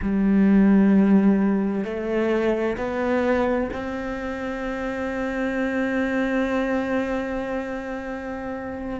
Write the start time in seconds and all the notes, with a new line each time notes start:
0.02 G3
1.84 A3
2.77 B3
3.73 C4